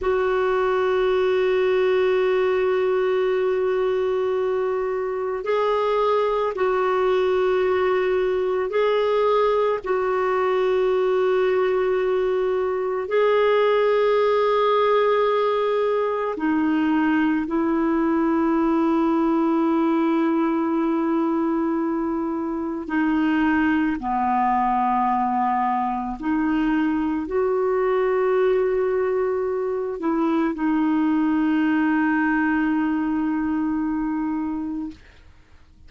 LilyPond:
\new Staff \with { instrumentName = "clarinet" } { \time 4/4 \tempo 4 = 55 fis'1~ | fis'4 gis'4 fis'2 | gis'4 fis'2. | gis'2. dis'4 |
e'1~ | e'4 dis'4 b2 | dis'4 fis'2~ fis'8 e'8 | dis'1 | }